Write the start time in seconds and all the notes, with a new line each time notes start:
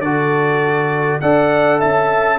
0.00 D3 F#4 A4 D5
1.21 D4 A4 D5 F#5
1.80 C#4 E5 A5